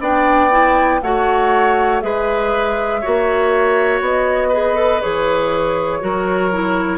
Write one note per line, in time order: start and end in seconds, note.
0.00 1.00 B3
0.00 0.50 D4
0.00 1.00 D5
0.00 1.01 G5
0.51 1.01 E4
1.01 2.02 A3
1.01 2.01 F#4
1.01 2.03 C#5
1.01 2.00 F#5
2.00 3.02 G#3
2.00 3.01 G#4
2.00 3.01 B4
2.00 4.00 E5
3.01 4.00 A#3
3.01 4.52 F#4
3.01 4.48 C#5
4.00 5.00 B3
4.00 5.01 D#5
4.48 4.75 G#4
4.48 5.98 B4
4.75 5.00 A4
5.01 6.02 E3
5.01 6.00 G#4
5.01 6.98 C#5
6.00 6.98 F#3
6.00 6.50 F#4
6.00 6.98 A#4
6.52 6.98 E4